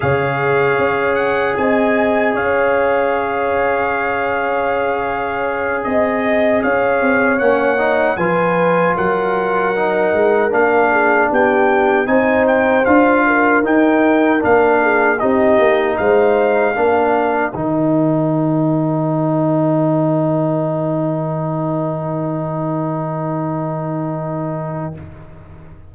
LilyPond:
<<
  \new Staff \with { instrumentName = "trumpet" } { \time 4/4 \tempo 4 = 77 f''4. fis''8 gis''4 f''4~ | f''2.~ f''8 dis''8~ | dis''8 f''4 fis''4 gis''4 fis''8~ | fis''4. f''4 g''4 gis''8 |
g''8 f''4 g''4 f''4 dis''8~ | dis''8 f''2 g''4.~ | g''1~ | g''1 | }
  \new Staff \with { instrumentName = "horn" } { \time 4/4 cis''2 dis''4 cis''4~ | cis''2.~ cis''8 dis''8~ | dis''8 cis''2 b'4 ais'8~ | ais'2 gis'8 g'4 c''8~ |
c''4 ais'2 gis'8 g'8~ | g'8 c''4 ais'2~ ais'8~ | ais'1~ | ais'1 | }
  \new Staff \with { instrumentName = "trombone" } { \time 4/4 gis'1~ | gis'1~ | gis'4. cis'8 dis'8 f'4.~ | f'8 dis'4 d'2 dis'8~ |
dis'8 f'4 dis'4 d'4 dis'8~ | dis'4. d'4 dis'4.~ | dis'1~ | dis'1 | }
  \new Staff \with { instrumentName = "tuba" } { \time 4/4 cis4 cis'4 c'4 cis'4~ | cis'2.~ cis'8 c'8~ | c'8 cis'8 c'8 ais4 f4 fis8~ | fis4 gis8 ais4 b4 c'8~ |
c'8 d'4 dis'4 ais4 c'8 | ais8 gis4 ais4 dis4.~ | dis1~ | dis1 | }
>>